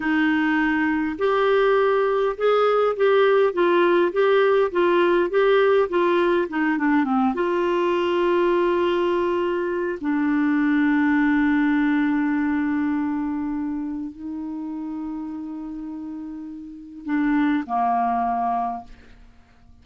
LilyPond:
\new Staff \with { instrumentName = "clarinet" } { \time 4/4 \tempo 4 = 102 dis'2 g'2 | gis'4 g'4 f'4 g'4 | f'4 g'4 f'4 dis'8 d'8 | c'8 f'2.~ f'8~ |
f'4 d'2.~ | d'1 | dis'1~ | dis'4 d'4 ais2 | }